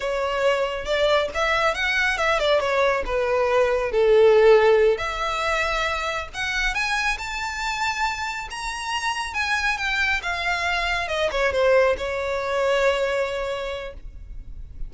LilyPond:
\new Staff \with { instrumentName = "violin" } { \time 4/4 \tempo 4 = 138 cis''2 d''4 e''4 | fis''4 e''8 d''8 cis''4 b'4~ | b'4 a'2~ a'8 e''8~ | e''2~ e''8 fis''4 gis''8~ |
gis''8 a''2. ais''8~ | ais''4. gis''4 g''4 f''8~ | f''4. dis''8 cis''8 c''4 cis''8~ | cis''1 | }